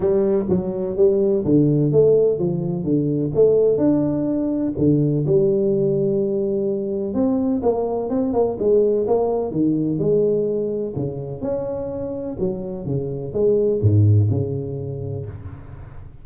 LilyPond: \new Staff \with { instrumentName = "tuba" } { \time 4/4 \tempo 4 = 126 g4 fis4 g4 d4 | a4 f4 d4 a4 | d'2 d4 g4~ | g2. c'4 |
ais4 c'8 ais8 gis4 ais4 | dis4 gis2 cis4 | cis'2 fis4 cis4 | gis4 gis,4 cis2 | }